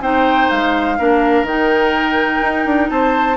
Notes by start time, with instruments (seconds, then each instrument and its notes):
0.00 bassoon C4, clarinet D#4, oboe C5, flute G5
0.50 bassoon G#3, flute F5
0.98 bassoon A#3, clarinet D4, oboe A#4
1.42 bassoon D#3, clarinet D#4, flute G5
2.42 bassoon D#4
2.65 bassoon D4
2.89 bassoon C4, oboe C5, flute A5